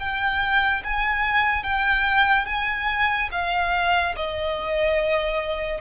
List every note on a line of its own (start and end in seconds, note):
0.00 0.83 G5
0.84 1.64 G#5
1.64 2.47 G5
2.47 3.30 G#5
3.32 4.16 F5
4.16 5.81 D#5